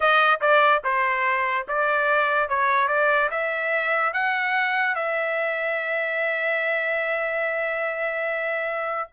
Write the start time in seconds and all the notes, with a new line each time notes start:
0.00 D#5
0.40 D5
0.84 C5
1.68 D5
2.48 C#5
2.88 D5
3.30 E5
4.13 F#5
4.95 E5